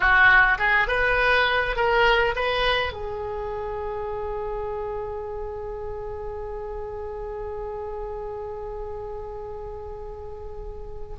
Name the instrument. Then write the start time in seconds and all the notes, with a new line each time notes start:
oboe
0.00 F#4
0.58 G#4
0.87 B4
1.76 A#4
2.35 B4
2.93 G#4